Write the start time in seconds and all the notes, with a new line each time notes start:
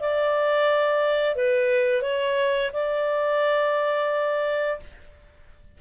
0.00 D5
1.36 B4
2.02 C#5
2.73 D5